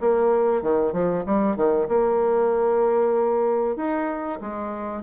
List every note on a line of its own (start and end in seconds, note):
0.00 0.63 A#3
0.63 0.93 D#3
0.93 1.24 F3
1.26 1.56 G3
1.56 1.88 D#3
1.88 3.76 A#3
3.76 4.40 D#4
4.41 5.03 G#3